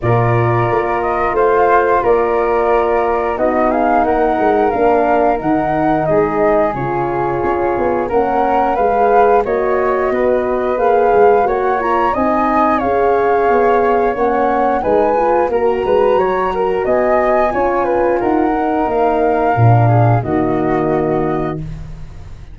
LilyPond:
<<
  \new Staff \with { instrumentName = "flute" } { \time 4/4 \tempo 4 = 89 d''4. dis''8 f''4 d''4~ | d''4 dis''8 f''8 fis''4 f''4 | fis''4 dis''4 cis''2 | fis''4 f''4 dis''2 |
f''4 fis''8 ais''8 gis''4 f''4~ | f''4 fis''4 gis''4 ais''4~ | ais''4 gis''2 fis''4 | f''2 dis''2 | }
  \new Staff \with { instrumentName = "flute" } { \time 4/4 ais'2 c''4 ais'4~ | ais'4 fis'8 gis'8 ais'2~ | ais'4 gis'2. | ais'4 b'4 cis''4 b'4~ |
b'4 cis''4 dis''4 cis''4~ | cis''2 b'4 ais'8 b'8 | cis''8 ais'8 dis''4 cis''8 b'8 ais'4~ | ais'4. gis'8 fis'2 | }
  \new Staff \with { instrumentName = "horn" } { \time 4/4 f'1~ | f'4 dis'2 d'4 | dis'2 f'2 | cis'4 gis'4 fis'2 |
gis'4 fis'8 f'8 dis'4 gis'4~ | gis'4 cis'4 dis'8 f'8 fis'4~ | fis'2 f'4. dis'8~ | dis'4 d'4 ais2 | }
  \new Staff \with { instrumentName = "tuba" } { \time 4/4 ais,4 ais4 a4 ais4~ | ais4 b4 ais8 gis8 ais4 | dis4 gis4 cis4 cis'8 b8 | ais4 gis4 ais4 b4 |
ais8 gis8 ais4 c'4 cis'4 | b4 ais4 gis4 ais8 gis8 | fis4 b4 cis'4 dis'4 | ais4 ais,4 dis2 | }
>>